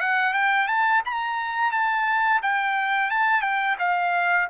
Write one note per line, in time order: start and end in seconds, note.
0.00 0.33 F#5
0.33 0.67 G5
0.67 1.02 A5
1.05 1.71 A#5
1.71 2.40 A5
2.42 3.10 G5
3.10 3.41 A5
3.41 3.76 G5
3.79 4.48 F5